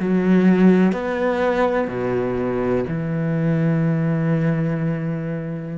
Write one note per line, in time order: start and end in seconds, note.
0.00 0.93 F#3
0.93 1.88 B3
1.88 2.85 B2
2.89 5.78 E3